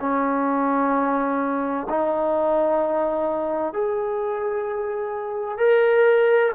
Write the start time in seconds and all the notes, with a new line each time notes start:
0.00 C#4
1.89 D#4
3.73 G#4
5.58 A#4